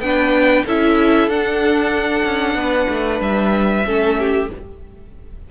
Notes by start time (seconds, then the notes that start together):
0.00 B3 D4 B4 G5
0.66 C#4 E4 A4 E5
1.28 D4 F#5
2.25 C#4
2.55 B3 B4
2.89 A3
3.21 G3 E5
3.86 A3 C#4 A4
4.19 G4